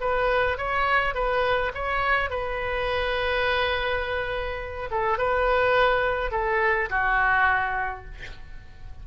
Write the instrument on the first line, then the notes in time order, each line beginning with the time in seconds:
oboe
0.00 B4
0.57 C#5
1.14 B4
1.74 C#5
2.30 B4
4.90 A4
5.17 B4
6.31 A4
6.89 F#4